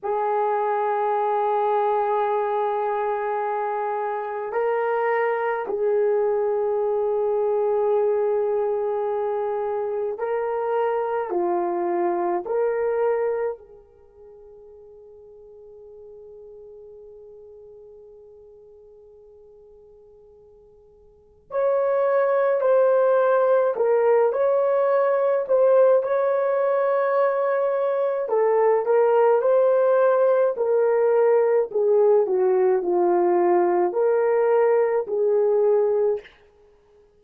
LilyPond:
\new Staff \with { instrumentName = "horn" } { \time 4/4 \tempo 4 = 53 gis'1 | ais'4 gis'2.~ | gis'4 ais'4 f'4 ais'4 | gis'1~ |
gis'2. cis''4 | c''4 ais'8 cis''4 c''8 cis''4~ | cis''4 a'8 ais'8 c''4 ais'4 | gis'8 fis'8 f'4 ais'4 gis'4 | }